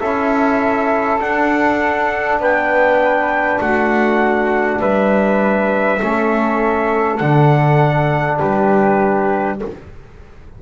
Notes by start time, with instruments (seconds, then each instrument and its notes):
0.00 double bass C#4, trombone E4, flute A4, trumpet E5
1.20 trombone D4, double bass D4, trumpet F#5
2.40 double bass B3, flute B4, trumpet G5
3.61 double bass A3, flute F#4, trumpet F#5
4.80 double bass G3, flute B4, trumpet E5
6.01 double bass A3, trombone C#4, flute A4
7.18 double bass D3, trombone D4, trumpet F#5
8.38 double bass G3, flute G4, trumpet B4